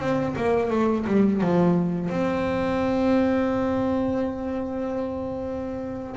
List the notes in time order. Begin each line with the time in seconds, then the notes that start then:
0.00 C4
0.37 A#3
0.71 A3
1.07 G3
1.41 F3
2.10 C4